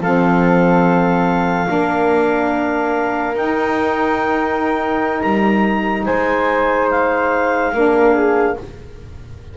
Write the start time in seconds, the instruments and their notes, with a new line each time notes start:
0.00 double bass F3, saxophone C4, flute A4, clarinet F5
1.66 double bass A#3, saxophone D4, flute A#4
3.35 double bass D#4, saxophone D#4, clarinet G5
5.20 double bass G3, clarinet A#5
6.05 double bass G#3, flute C5, clarinet G#5
6.90 clarinet F5
7.73 double bass A#3, saxophone D4, flute A#4
8.14 flute G#4